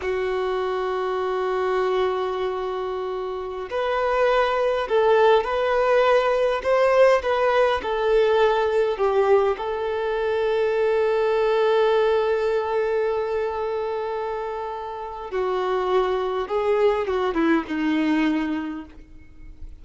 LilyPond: \new Staff \with { instrumentName = "violin" } { \time 4/4 \tempo 4 = 102 fis'1~ | fis'2~ fis'16 b'4.~ b'16~ | b'16 a'4 b'2 c''8.~ | c''16 b'4 a'2 g'8.~ |
g'16 a'2.~ a'8.~ | a'1~ | a'2 fis'2 | gis'4 fis'8 e'8 dis'2 | }